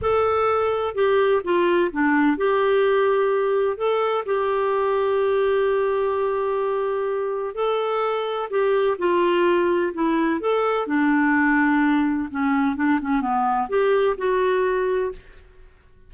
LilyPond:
\new Staff \with { instrumentName = "clarinet" } { \time 4/4 \tempo 4 = 127 a'2 g'4 f'4 | d'4 g'2. | a'4 g'2.~ | g'1 |
a'2 g'4 f'4~ | f'4 e'4 a'4 d'4~ | d'2 cis'4 d'8 cis'8 | b4 g'4 fis'2 | }